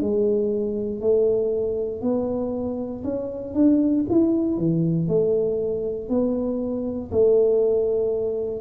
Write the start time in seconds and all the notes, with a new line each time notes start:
0.00 G#3
1.00 A3
2.02 B3
3.04 C#4
3.54 D4
4.10 E4
4.57 E3
5.08 A3
6.09 B3
7.11 A3